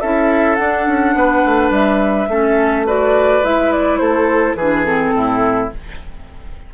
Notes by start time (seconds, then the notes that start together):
0.00 C#4 E4 A4 E5
0.55 D4 F#5
0.87 C#4
1.14 B3 B4
1.45 A3
1.70 G3 E5
2.28 A3 C#4 A4
2.86 F#4 B4 D5
3.43 G#3 E4 E5
3.72 D5
3.97 A3 A4 C5
4.55 E3 D4 G#4 B4
4.84 C4 A4
5.14 A2 E4